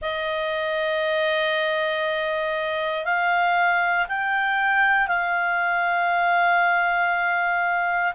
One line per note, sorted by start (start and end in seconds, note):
0.01 3.05 D#5
3.05 4.06 F5
4.08 5.07 G5
5.07 8.12 F5